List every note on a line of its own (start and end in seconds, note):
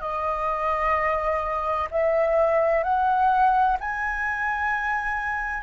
0.00 1.87 D#5
1.90 2.83 E5
2.83 3.77 F#5
3.80 5.62 G#5